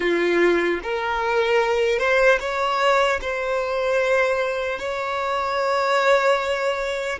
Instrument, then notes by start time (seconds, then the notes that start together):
violin
0.00 F4
0.83 A#4
1.99 C5
2.40 C#5
3.21 C5
4.79 C#5